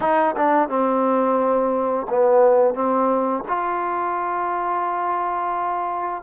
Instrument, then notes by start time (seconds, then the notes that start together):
trombone
0.00 D#4
0.36 D4
0.68 C4
2.09 B3
2.74 C4
3.47 F4